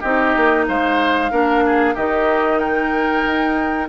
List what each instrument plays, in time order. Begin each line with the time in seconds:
0.00 bassoon C4, clarinet D#4, oboe G4, flute D#5
0.36 bassoon A#3
0.68 bassoon G#3, oboe C5, flute F5
1.31 bassoon A#3, clarinet D4, oboe A#4
1.66 oboe G#4
1.94 bassoon D#3, clarinet D#4, oboe G4, flute D#5
2.59 oboe A#4, flute G5
3.26 bassoon D#4